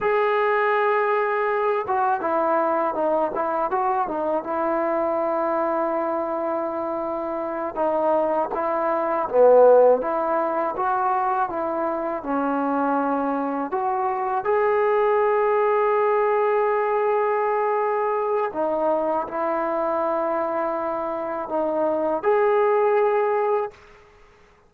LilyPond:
\new Staff \with { instrumentName = "trombone" } { \time 4/4 \tempo 4 = 81 gis'2~ gis'8 fis'8 e'4 | dis'8 e'8 fis'8 dis'8 e'2~ | e'2~ e'8 dis'4 e'8~ | e'8 b4 e'4 fis'4 e'8~ |
e'8 cis'2 fis'4 gis'8~ | gis'1~ | gis'4 dis'4 e'2~ | e'4 dis'4 gis'2 | }